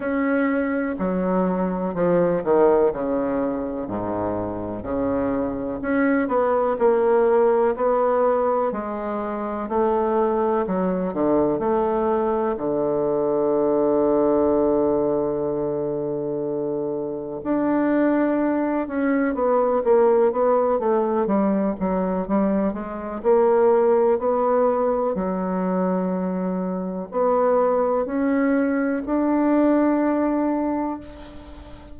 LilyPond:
\new Staff \with { instrumentName = "bassoon" } { \time 4/4 \tempo 4 = 62 cis'4 fis4 f8 dis8 cis4 | gis,4 cis4 cis'8 b8 ais4 | b4 gis4 a4 fis8 d8 | a4 d2.~ |
d2 d'4. cis'8 | b8 ais8 b8 a8 g8 fis8 g8 gis8 | ais4 b4 fis2 | b4 cis'4 d'2 | }